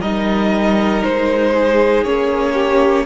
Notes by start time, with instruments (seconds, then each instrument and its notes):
0.00 cello G3, viola D#4, violin A#4 D#5
1.03 cello G#3, violin C5
1.54 violin G#4
2.04 cello A#3, viola C#4, violin C#5
2.54 violin G4